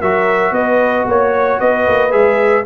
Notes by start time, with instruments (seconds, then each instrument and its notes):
0.00 tuba F#3, trombone F#4, horn A#4, trumpet E5
0.51 tuba B3, horn B4, trumpet D#5
1.05 tuba A#3, horn C#5, trumpet C#5
1.59 tuba B3, horn B4, trumpet D#5
1.88 tuba A#3
2.10 tuba G#3, trombone G#4, trumpet E5